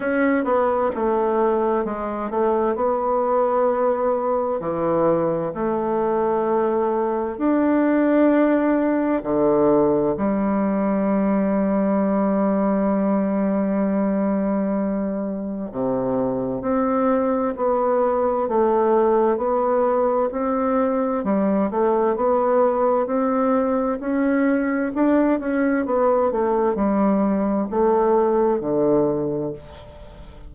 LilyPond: \new Staff \with { instrumentName = "bassoon" } { \time 4/4 \tempo 4 = 65 cis'8 b8 a4 gis8 a8 b4~ | b4 e4 a2 | d'2 d4 g4~ | g1~ |
g4 c4 c'4 b4 | a4 b4 c'4 g8 a8 | b4 c'4 cis'4 d'8 cis'8 | b8 a8 g4 a4 d4 | }